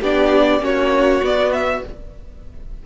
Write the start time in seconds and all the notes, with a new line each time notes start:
0.00 B3 D4 G4 D5
0.60 A#3 C#4 F#4 C#5
1.22 B3 D5
1.52 E5